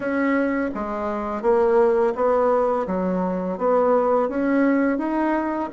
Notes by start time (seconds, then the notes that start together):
0.00 C#4
0.74 G#3
1.42 A#3
2.15 B3
2.86 F#3
3.57 B3
4.29 C#4
4.98 D#4